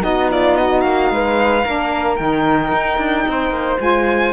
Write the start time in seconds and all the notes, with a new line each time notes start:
0.00 B3 D#4 F#4 D#5
0.31 F4 D5
0.57 F#4 D#5
0.81 A#3 F5
1.11 G#3 B4
1.64 A#3 D4 A#4
2.16 D#3 D#4 G5
2.72 D#4
2.98 D4
3.28 C4 C5
3.50 A#3
3.79 G#3 F4 G#5